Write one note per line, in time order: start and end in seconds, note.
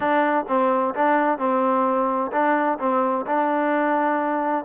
0.00 0.45 D4
0.48 0.94 C4
0.94 1.38 D4
1.38 2.31 C4
2.32 2.78 D4
2.79 3.25 C4
3.26 4.64 D4